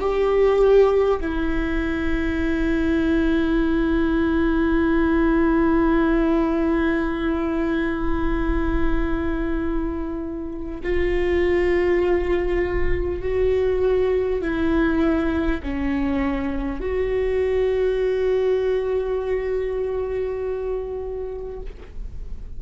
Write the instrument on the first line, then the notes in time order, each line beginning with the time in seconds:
viola
0.00 G4
1.21 E4
10.83 F4
13.22 F#4
14.42 E4
15.63 C#4
16.81 F#4